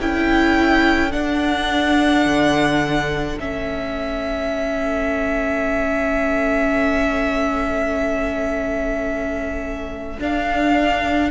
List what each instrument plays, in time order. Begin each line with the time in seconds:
0.00 cello C#4, viola E4, violin A4 G5
1.11 viola D4, cello D4, violin F#5
2.25 cello D3
3.38 cello A3, viola C#4, violin E5
10.19 cello D4, viola D4, violin F5